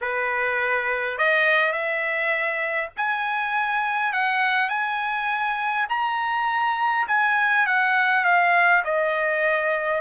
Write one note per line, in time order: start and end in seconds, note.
0.01 1.17 B4
1.17 1.72 D#5
1.72 2.90 E5
2.97 4.13 G#5
4.13 4.69 F#5
4.69 5.87 G#5
5.89 7.07 A#5
7.07 7.66 G#5
7.66 8.24 F#5
8.24 8.83 F5
8.84 10.01 D#5